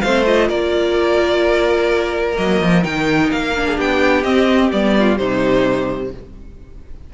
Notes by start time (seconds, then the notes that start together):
0.00 A3 C4 C5 F5
0.25 F4 D#5
0.48 A#3 A#4 D5
2.34 F#3 A#3 D#5
2.61 F3
2.82 D#3 D#4 G5
3.31 A#3 F5
3.56 D4
3.66 G#4
3.76 B3 G4 G5
4.23 C4 D#5
4.71 G3 B3 D5
4.99 F4
5.16 C3 G3 D#4 C5